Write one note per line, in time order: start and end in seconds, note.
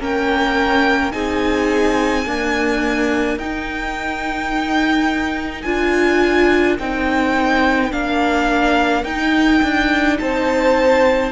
0.00 1.13 A#3
0.00 1.12 C#4
0.00 1.13 A#4
0.00 1.12 G5
1.12 2.27 C4
1.12 2.25 D#4
1.12 2.27 G#4
1.12 3.38 G#5
2.26 3.39 A#3
2.26 3.38 D4
2.26 10.19 A#4
3.38 5.64 D#4
3.38 5.65 D#4
3.38 5.62 G5
5.62 6.79 D4
5.62 6.78 F4
5.62 6.75 G#5
6.79 7.92 C4
6.79 7.91 D#4
6.79 7.93 G5
7.91 9.04 A#3
7.91 9.04 D4
7.91 9.04 F5
9.04 9.61 D#4
9.04 11.31 D#4
9.04 10.18 G5
9.63 10.19 D4
10.19 11.33 C4
10.19 11.33 C5
10.19 11.33 A5